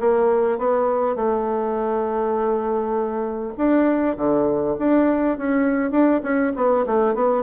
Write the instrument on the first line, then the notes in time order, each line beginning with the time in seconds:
bassoon
0.00 A#3
0.58 B3
1.16 A3
3.57 D4
4.17 D3
4.78 D4
5.38 C#4
5.91 D4
6.23 C#4
6.56 B3
6.86 A3
7.14 B3